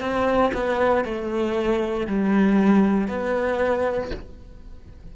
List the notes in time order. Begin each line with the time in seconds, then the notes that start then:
0.00 C4
0.54 B3
1.05 A3
2.07 G3
3.08 B3